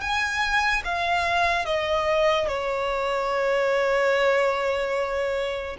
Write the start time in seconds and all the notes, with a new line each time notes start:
0.00 G#5
0.84 F5
1.65 D#5
2.47 C#5